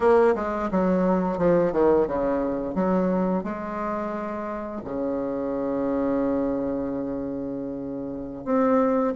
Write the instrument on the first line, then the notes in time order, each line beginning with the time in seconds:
bassoon
0.00 A#3
0.35 G#3
0.71 F#3
1.38 F3
1.72 D#3
2.07 C#3
2.74 F#3
3.43 G#3
4.84 C#3
8.45 C4